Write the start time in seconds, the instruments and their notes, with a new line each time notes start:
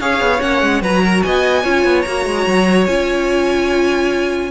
0.00 cello C#4, viola G#4, violin C#5 F5
0.20 cello B3
0.40 cello A#3, viola C#4, violin F#5
0.62 cello G#3
0.81 cello F#3, viola F#4, violin B4 A#5
1.04 violin A#4
1.23 cello B3, violin D#5 G#5
1.63 cello C#4, viola F4, violin C#5
1.85 cello B3
2.02 cello A#3, viola F#4, violin A#5
2.25 cello G#3
2.47 cello F#3
2.87 cello C#4, viola F4, violin G#5